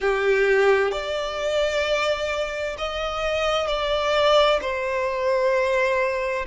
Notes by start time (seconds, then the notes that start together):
0.00 G4
0.91 D5
2.77 D#5
3.67 D5
4.61 C5